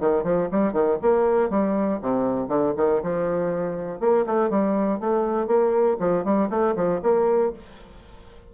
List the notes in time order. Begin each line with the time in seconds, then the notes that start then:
0.00 D#3
0.24 F3
0.52 G3
0.73 D#3
1.02 A#3
1.50 G3
2.02 C3
2.48 D3
2.77 D#3
3.02 F3
4.00 A#3
4.26 A3
4.50 G3
5.00 A3
5.47 A#3
6.00 F3
6.24 G3
6.50 A3
6.76 F3
7.03 A#3